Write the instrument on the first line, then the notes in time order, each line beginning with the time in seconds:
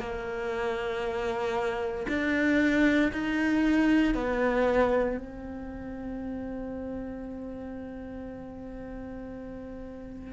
cello
0.00 A#3
2.09 D4
3.13 D#4
4.15 B3
5.17 C4